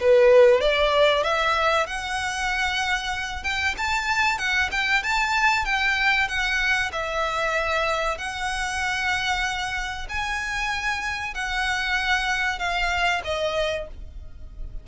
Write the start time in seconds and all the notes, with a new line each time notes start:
0.00 B4
0.61 D5
1.23 E5
1.86 F#5
3.43 G5
3.78 A5
4.38 F#5
4.71 G5
5.03 A5
5.65 G5
6.28 F#5
6.92 E5
8.18 F#5
10.09 G#5
11.34 F#5
12.59 F5
13.24 D#5